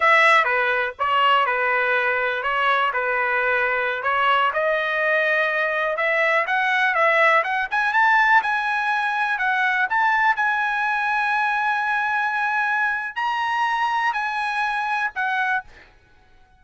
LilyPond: \new Staff \with { instrumentName = "trumpet" } { \time 4/4 \tempo 4 = 123 e''4 b'4 cis''4 b'4~ | b'4 cis''4 b'2~ | b'16 cis''4 dis''2~ dis''8.~ | dis''16 e''4 fis''4 e''4 fis''8 gis''16~ |
gis''16 a''4 gis''2 fis''8.~ | fis''16 a''4 gis''2~ gis''8.~ | gis''2. ais''4~ | ais''4 gis''2 fis''4 | }